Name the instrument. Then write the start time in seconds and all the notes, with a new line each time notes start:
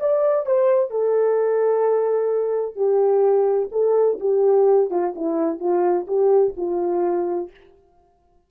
horn
0.00 D5
0.46 C5
0.91 A4
2.75 G4
3.72 A4
4.20 G4
4.90 F4
5.16 E4
5.60 F4
6.07 G4
6.57 F4